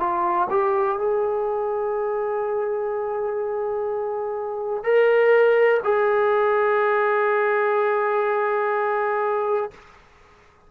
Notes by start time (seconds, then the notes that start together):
0.00 F4
0.50 G4
0.99 G#4
4.84 A#4
5.84 G#4